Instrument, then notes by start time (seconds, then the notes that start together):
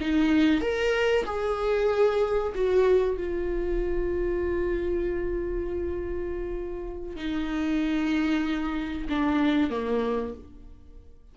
viola
0.00 D#4
0.61 A#4
1.25 G#4
2.54 F#4
3.17 F4
7.16 D#4
9.09 D4
9.70 A#3